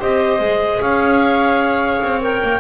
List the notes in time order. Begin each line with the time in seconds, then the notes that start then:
0.00 C4 G4 C5 D#5
0.40 G#3 G#4
0.81 C#4 C#5 F5
2.02 C4
2.21 A#4 G5
2.43 A#3